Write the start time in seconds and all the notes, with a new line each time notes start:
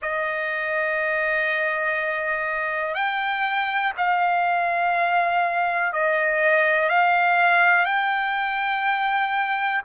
0.02 D#5
2.94 G5
3.97 F5
5.92 D#5
6.89 F5
7.85 G5